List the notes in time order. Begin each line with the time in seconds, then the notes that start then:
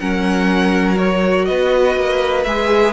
0.00 F#3 C#4 A#4 F#5
0.96 F#4 C#5
1.46 B3 B4 D#5
1.96 A#3
2.44 G#3 G#4 E5